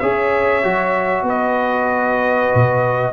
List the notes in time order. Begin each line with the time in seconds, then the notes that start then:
0.00 C#4 G#4 C#5 E5
0.63 F#3 F#4
1.23 B3 B4
1.29 D#5
2.55 B2